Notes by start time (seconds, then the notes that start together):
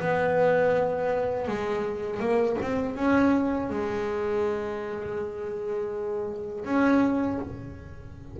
0.00 B3
1.47 G#3
2.19 A#3
2.61 C4
2.96 C#4
3.69 G#3
6.64 C#4